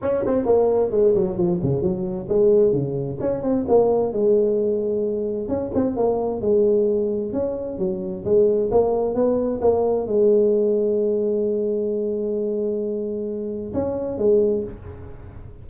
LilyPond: \new Staff \with { instrumentName = "tuba" } { \time 4/4 \tempo 4 = 131 cis'8 c'8 ais4 gis8 fis8 f8 cis8 | fis4 gis4 cis4 cis'8 c'8 | ais4 gis2. | cis'8 c'8 ais4 gis2 |
cis'4 fis4 gis4 ais4 | b4 ais4 gis2~ | gis1~ | gis2 cis'4 gis4 | }